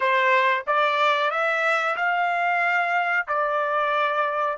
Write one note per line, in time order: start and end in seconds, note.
0.00 0.63 C5
0.67 1.30 D5
1.30 1.96 E5
1.96 3.26 F5
3.27 4.57 D5